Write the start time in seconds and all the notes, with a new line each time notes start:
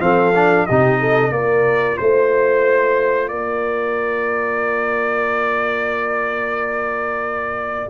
0.00 F3 C4 A4 F5
0.35 D4
0.66 C3 D#4 G4 D#5
1.00 A4
1.30 A#3 F4 A#4 D5
1.97 A3 C5
3.28 A#3 A#4 D5